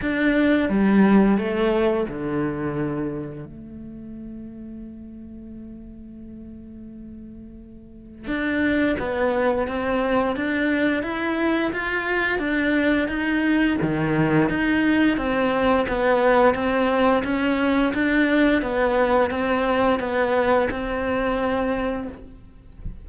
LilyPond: \new Staff \with { instrumentName = "cello" } { \time 4/4 \tempo 4 = 87 d'4 g4 a4 d4~ | d4 a2.~ | a1 | d'4 b4 c'4 d'4 |
e'4 f'4 d'4 dis'4 | dis4 dis'4 c'4 b4 | c'4 cis'4 d'4 b4 | c'4 b4 c'2 | }